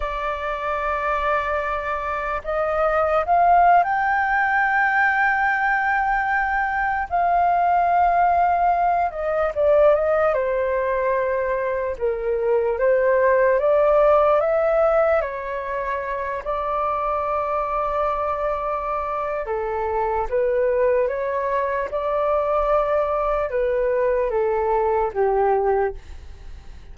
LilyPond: \new Staff \with { instrumentName = "flute" } { \time 4/4 \tempo 4 = 74 d''2. dis''4 | f''8. g''2.~ g''16~ | g''8. f''2~ f''8 dis''8 d''16~ | d''16 dis''8 c''2 ais'4 c''16~ |
c''8. d''4 e''4 cis''4~ cis''16~ | cis''16 d''2.~ d''8. | a'4 b'4 cis''4 d''4~ | d''4 b'4 a'4 g'4 | }